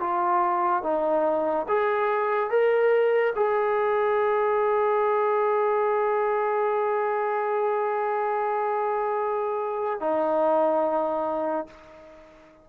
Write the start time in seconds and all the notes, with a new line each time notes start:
0.00 F4
0.83 D#4
1.68 G#4
2.50 A#4
3.36 G#4
10.00 D#4